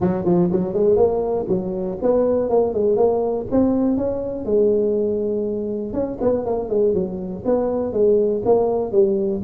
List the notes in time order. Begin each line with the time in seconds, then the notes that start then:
0.00 F#3
0.24 F3
0.51 F#3
0.73 G#3
0.96 A#3
1.48 F#3
2.02 B3
2.49 A#3
2.73 G#3
2.96 A#3
3.51 C4
3.97 C#4
4.45 G#3
5.93 C#4
6.21 B3
6.45 A#3
6.69 G#3
6.94 F#3
7.45 B3
7.92 G#3
8.45 A#3
8.92 G3